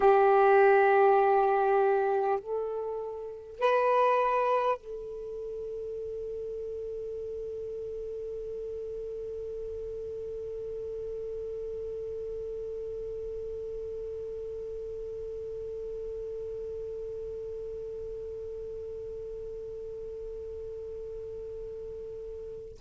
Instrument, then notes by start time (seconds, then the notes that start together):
saxophone
0.00 G4
2.39 A4
3.59 B4
4.77 A4